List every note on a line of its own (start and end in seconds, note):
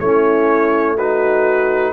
0.00 1.93 A3
0.00 0.98 C#4
0.00 0.97 E4
0.00 0.97 C#5
0.97 1.93 D#4
0.97 1.93 F#4
0.97 1.93 B4